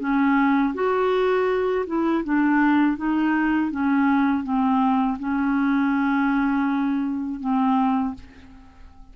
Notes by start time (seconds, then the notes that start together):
0.00 C#4
0.74 F#4
1.87 E4
2.25 D4
2.97 D#4
3.71 C#4
4.44 C4
5.20 C#4
7.40 C4